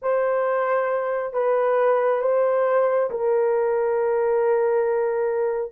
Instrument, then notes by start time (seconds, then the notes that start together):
horn
0.01 C5
1.33 B4
2.21 C5
3.10 A#4